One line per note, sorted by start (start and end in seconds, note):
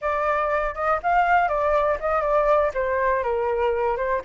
0.01 0.75 D5
0.75 0.99 D#5
1.02 1.48 F5
1.48 1.97 D5
2.00 2.21 D#5
2.21 2.71 D5
2.74 3.23 C5
3.23 3.96 A#4
3.96 4.21 C5